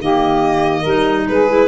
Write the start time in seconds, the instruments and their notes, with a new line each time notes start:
0.00 tuba D#3, clarinet A#3, saxophone G4, violin D#5
0.81 tuba G3, clarinet D#4, saxophone A#4
1.28 tuba G#3, saxophone G#4, violin B4
1.48 clarinet E4